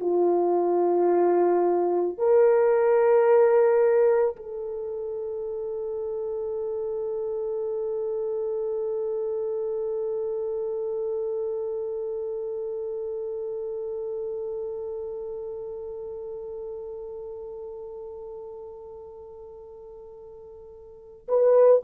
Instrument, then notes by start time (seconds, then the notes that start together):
horn
0.00 F4
2.18 A#4
4.36 A4
21.28 B4